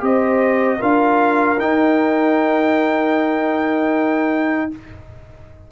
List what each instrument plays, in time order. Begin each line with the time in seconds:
0.00 tuba C4, trombone G4, horn C5, trumpet D#5
0.78 tuba D4, trombone F4, horn A#4, trumpet F5
1.58 tuba D#4, trombone D#4, trumpet G5